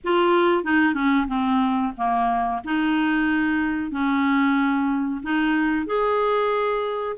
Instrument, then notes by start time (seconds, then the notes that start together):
clarinet
0.04 F4
0.63 D#4
0.94 C#4
1.27 C4
1.97 A#3
2.64 D#4
3.91 C#4
5.22 D#4
5.86 G#4